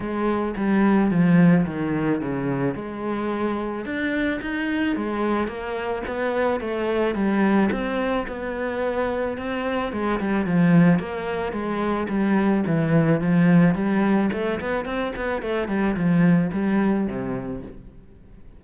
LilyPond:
\new Staff \with { instrumentName = "cello" } { \time 4/4 \tempo 4 = 109 gis4 g4 f4 dis4 | cis4 gis2 d'4 | dis'4 gis4 ais4 b4 | a4 g4 c'4 b4~ |
b4 c'4 gis8 g8 f4 | ais4 gis4 g4 e4 | f4 g4 a8 b8 c'8 b8 | a8 g8 f4 g4 c4 | }